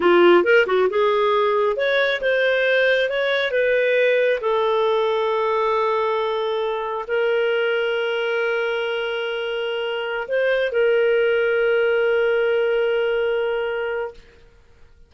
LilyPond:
\new Staff \with { instrumentName = "clarinet" } { \time 4/4 \tempo 4 = 136 f'4 ais'8 fis'8 gis'2 | cis''4 c''2 cis''4 | b'2 a'2~ | a'1 |
ais'1~ | ais'2.~ ais'16 c''8.~ | c''16 ais'2.~ ais'8.~ | ais'1 | }